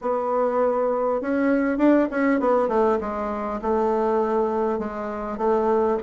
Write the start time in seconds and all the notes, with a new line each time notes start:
0.01 B3
1.21 C#4
1.78 D4
2.10 C#4
2.39 B3
2.68 A3
3.00 G#3
3.61 A3
4.78 G#3
5.37 A3